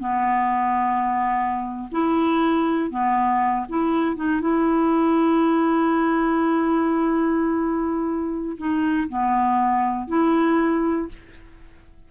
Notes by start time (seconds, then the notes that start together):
0.00 B3
1.92 E4
2.91 B3
3.69 E4
4.16 D#4
4.41 E4
8.58 D#4
9.09 B3
10.08 E4